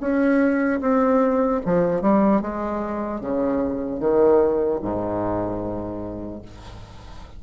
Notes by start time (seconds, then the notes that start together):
0.00 C#4
0.80 C4
1.65 F3
2.01 G3
2.41 G#3
3.20 C#3
4.00 D#3
4.81 G#2